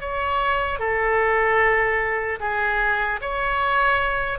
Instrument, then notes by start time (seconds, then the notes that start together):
oboe
0.00 C#5
0.79 A4
2.40 G#4
3.21 C#5